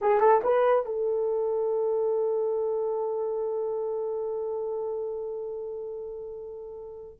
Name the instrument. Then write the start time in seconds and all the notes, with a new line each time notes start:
horn
0.01 G#4
0.20 A4
0.43 B4
0.85 A4